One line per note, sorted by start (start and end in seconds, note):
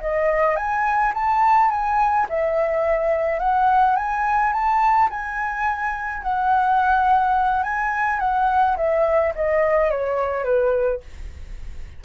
0.00 0.56 D#5
0.56 1.12 G#5
1.14 1.70 A5
1.70 2.27 G#5
2.29 3.39 E5
3.39 3.96 F#5
3.96 4.53 G#5
4.53 5.09 A5
5.10 6.22 G#5
6.22 7.63 F#5
7.63 8.19 G#5
8.19 8.76 F#5
8.77 9.33 E5
9.35 9.90 D#5
9.90 10.44 C#5
10.44 11.00 B4